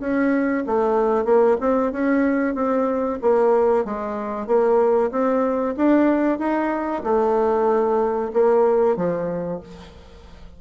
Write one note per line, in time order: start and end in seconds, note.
0.00 0.64 C#4
0.66 1.25 A3
1.25 1.57 A#3
1.60 1.92 C4
1.92 2.55 C#4
2.55 3.19 C4
3.21 3.85 A#3
3.85 4.47 G#3
4.47 5.11 A#3
5.11 5.75 C4
5.77 6.39 D4
6.39 7.03 D#4
7.04 8.31 A3
8.33 8.96 A#3
8.96 9.60 F3